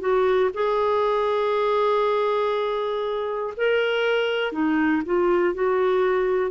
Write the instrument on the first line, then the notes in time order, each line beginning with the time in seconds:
clarinet
0.00 F#4
0.54 G#4
3.57 A#4
4.52 D#4
5.05 F4
5.54 F#4